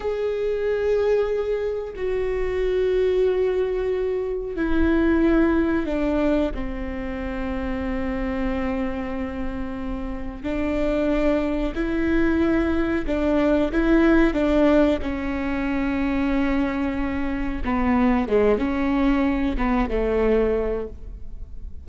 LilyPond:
\new Staff \with { instrumentName = "viola" } { \time 4/4 \tempo 4 = 92 gis'2. fis'4~ | fis'2. e'4~ | e'4 d'4 c'2~ | c'1 |
d'2 e'2 | d'4 e'4 d'4 cis'4~ | cis'2. b4 | gis8 cis'4. b8 a4. | }